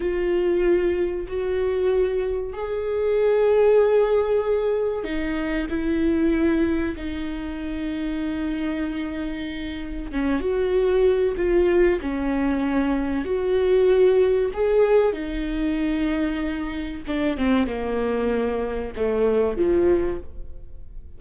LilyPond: \new Staff \with { instrumentName = "viola" } { \time 4/4 \tempo 4 = 95 f'2 fis'2 | gis'1 | dis'4 e'2 dis'4~ | dis'1 |
cis'8 fis'4. f'4 cis'4~ | cis'4 fis'2 gis'4 | dis'2. d'8 c'8 | ais2 a4 f4 | }